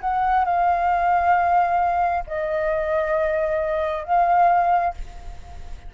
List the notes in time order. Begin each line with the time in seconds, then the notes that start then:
0.00 F#5
0.44 F5
2.27 D#5
4.04 F5